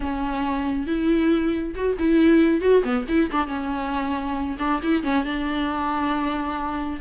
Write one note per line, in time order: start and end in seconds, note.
0.00 0.86 C#4
0.86 1.74 E4
1.74 1.96 F#4
1.98 2.61 E4
2.61 2.82 F#4
2.83 3.05 B3
3.08 3.30 E4
3.31 3.47 D4
3.47 4.56 C#4
4.58 4.80 D4
4.82 5.03 E4
5.03 5.24 C#4
5.24 7.00 D4